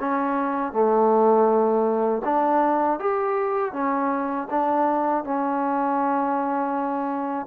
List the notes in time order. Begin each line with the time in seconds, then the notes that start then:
0.00 C#4
0.73 A3
2.25 D4
3.00 G4
3.73 C#4
4.51 D4
5.25 C#4